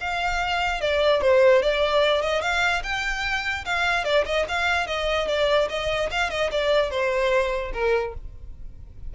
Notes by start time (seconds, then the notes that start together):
0.00 F5
0.80 D5
1.21 C5
1.62 D5
2.22 D#5
2.41 F5
2.83 G5
3.65 F5
4.04 D5
4.25 D#5
4.48 F5
4.86 D#5
5.27 D5
5.69 D#5
6.10 F5
6.29 D#5
6.51 D5
6.90 C5
7.73 A#4